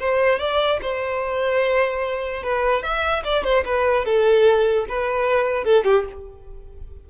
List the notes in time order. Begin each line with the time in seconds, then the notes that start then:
0.00 C5
0.40 D5
0.82 C5
2.43 B4
2.83 E5
3.24 D5
3.44 C5
3.66 B4
4.05 A4
4.89 B4
5.65 A4
5.85 G4